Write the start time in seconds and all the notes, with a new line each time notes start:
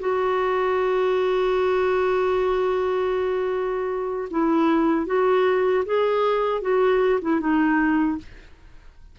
0.00 F#4
4.30 E4
5.06 F#4
5.85 G#4
6.61 F#4
7.21 E4
7.40 D#4